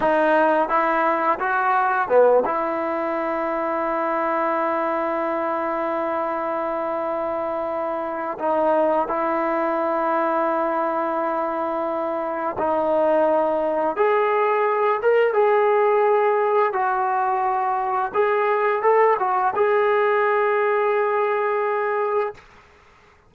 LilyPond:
\new Staff \with { instrumentName = "trombone" } { \time 4/4 \tempo 4 = 86 dis'4 e'4 fis'4 b8 e'8~ | e'1~ | e'1 | dis'4 e'2.~ |
e'2 dis'2 | gis'4. ais'8 gis'2 | fis'2 gis'4 a'8 fis'8 | gis'1 | }